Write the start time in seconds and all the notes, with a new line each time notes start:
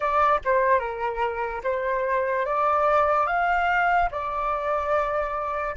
0.00 D5
0.44 C5
0.79 A#4
1.63 C5
2.45 D5
3.27 F5
4.11 D5